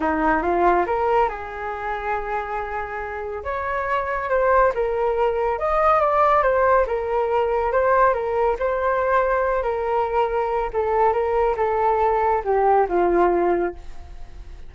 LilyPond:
\new Staff \with { instrumentName = "flute" } { \time 4/4 \tempo 4 = 140 dis'4 f'4 ais'4 gis'4~ | gis'1 | cis''2 c''4 ais'4~ | ais'4 dis''4 d''4 c''4 |
ais'2 c''4 ais'4 | c''2~ c''8 ais'4.~ | ais'4 a'4 ais'4 a'4~ | a'4 g'4 f'2 | }